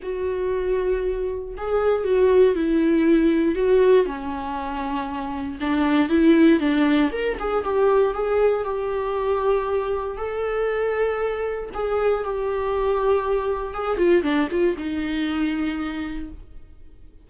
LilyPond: \new Staff \with { instrumentName = "viola" } { \time 4/4 \tempo 4 = 118 fis'2. gis'4 | fis'4 e'2 fis'4 | cis'2. d'4 | e'4 d'4 ais'8 gis'8 g'4 |
gis'4 g'2. | a'2. gis'4 | g'2. gis'8 f'8 | d'8 f'8 dis'2. | }